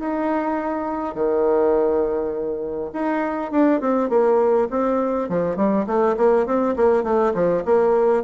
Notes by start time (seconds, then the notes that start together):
0.00 D#4
1.15 D#3
2.94 D#4
3.52 D4
3.81 C4
4.10 A#3
4.71 C4
5.30 F3
5.57 G3
5.87 A3
6.17 A#3
6.47 C4
6.77 A#3
7.04 A3
7.35 F3
7.66 A#3